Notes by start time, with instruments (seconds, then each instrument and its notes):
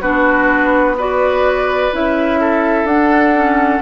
0.00 bassoon B3, clarinet D4, oboe F#4, flute B4
0.97 clarinet F#4, oboe B4, flute D5
1.92 bassoon C#4, clarinet E4, flute E5
2.40 oboe A4
2.84 bassoon D4, clarinet D4, flute F#5
3.35 clarinet C#4